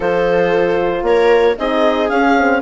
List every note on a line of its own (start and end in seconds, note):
0.00 1.02 F3
0.00 1.55 F4
0.00 1.05 A4
0.00 1.05 C5
1.02 1.55 A#3
1.02 1.58 A#4
1.02 1.57 C#5
1.58 2.10 C4
1.58 2.09 D#4
1.58 2.61 G#4
1.58 2.08 D#5
2.08 2.36 C#4
2.08 2.61 C#4
2.08 2.61 F5
2.37 2.61 C4